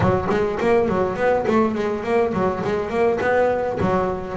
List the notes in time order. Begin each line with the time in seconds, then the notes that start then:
0.00 F#3
0.29 G#3
0.60 A#3
0.88 F#3
1.15 B3
1.47 A3
1.74 G#3
2.03 A#3
2.33 F#3
2.63 G#3
2.89 A#3
3.20 B3
3.80 F#3